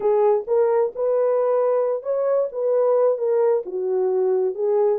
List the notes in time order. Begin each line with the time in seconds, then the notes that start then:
0.00 G#4
0.47 A#4
0.95 B4
2.02 C#5
2.52 B4
3.18 A#4
3.65 F#4
4.55 G#4